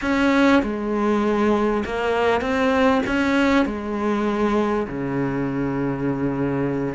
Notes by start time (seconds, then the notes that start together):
0.01 C#4
0.62 G#3
1.85 A#3
2.41 C4
3.06 C#4
3.65 G#3
4.87 C#3